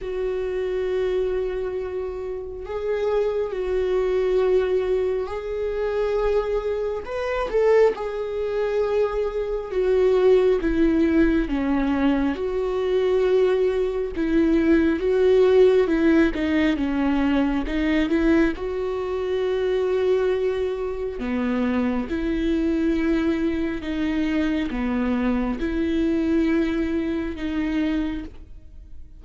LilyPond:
\new Staff \with { instrumentName = "viola" } { \time 4/4 \tempo 4 = 68 fis'2. gis'4 | fis'2 gis'2 | b'8 a'8 gis'2 fis'4 | e'4 cis'4 fis'2 |
e'4 fis'4 e'8 dis'8 cis'4 | dis'8 e'8 fis'2. | b4 e'2 dis'4 | b4 e'2 dis'4 | }